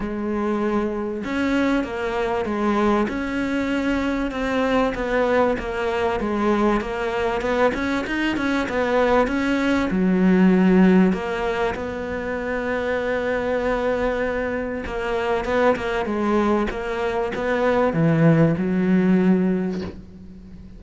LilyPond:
\new Staff \with { instrumentName = "cello" } { \time 4/4 \tempo 4 = 97 gis2 cis'4 ais4 | gis4 cis'2 c'4 | b4 ais4 gis4 ais4 | b8 cis'8 dis'8 cis'8 b4 cis'4 |
fis2 ais4 b4~ | b1 | ais4 b8 ais8 gis4 ais4 | b4 e4 fis2 | }